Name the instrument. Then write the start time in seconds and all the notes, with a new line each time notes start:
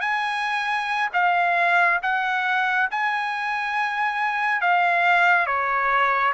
trumpet
0.00 G#5
1.13 F5
2.02 F#5
2.91 G#5
4.61 F5
5.46 C#5